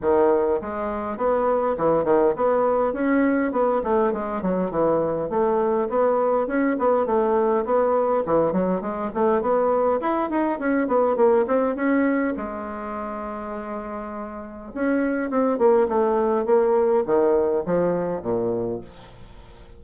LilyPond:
\new Staff \with { instrumentName = "bassoon" } { \time 4/4 \tempo 4 = 102 dis4 gis4 b4 e8 dis8 | b4 cis'4 b8 a8 gis8 fis8 | e4 a4 b4 cis'8 b8 | a4 b4 e8 fis8 gis8 a8 |
b4 e'8 dis'8 cis'8 b8 ais8 c'8 | cis'4 gis2.~ | gis4 cis'4 c'8 ais8 a4 | ais4 dis4 f4 ais,4 | }